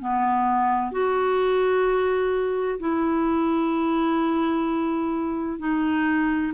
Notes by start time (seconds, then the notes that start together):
0.00 B3
0.92 F#4
2.80 E4
5.59 D#4